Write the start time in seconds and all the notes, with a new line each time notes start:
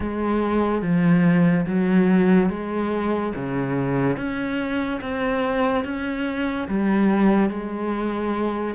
0.00 G#3
0.82 F3
1.66 F#3
2.49 G#3
3.35 C#3
4.17 C#4
5.01 C4
5.84 C#4
6.68 G3
7.49 G#3